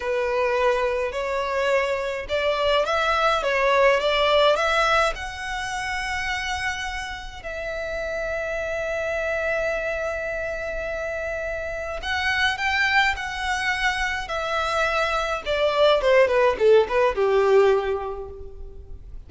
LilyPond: \new Staff \with { instrumentName = "violin" } { \time 4/4 \tempo 4 = 105 b'2 cis''2 | d''4 e''4 cis''4 d''4 | e''4 fis''2.~ | fis''4 e''2.~ |
e''1~ | e''4 fis''4 g''4 fis''4~ | fis''4 e''2 d''4 | c''8 b'8 a'8 b'8 g'2 | }